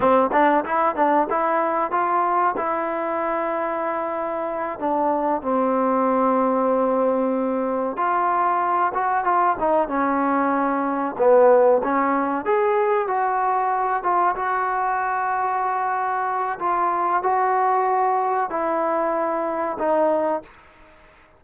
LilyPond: \new Staff \with { instrumentName = "trombone" } { \time 4/4 \tempo 4 = 94 c'8 d'8 e'8 d'8 e'4 f'4 | e'2.~ e'8 d'8~ | d'8 c'2.~ c'8~ | c'8 f'4. fis'8 f'8 dis'8 cis'8~ |
cis'4. b4 cis'4 gis'8~ | gis'8 fis'4. f'8 fis'4.~ | fis'2 f'4 fis'4~ | fis'4 e'2 dis'4 | }